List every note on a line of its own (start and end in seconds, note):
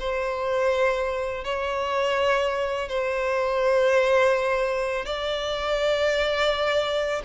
0.00 1.44 C5
1.44 2.89 C#5
2.89 5.06 C5
5.06 7.23 D5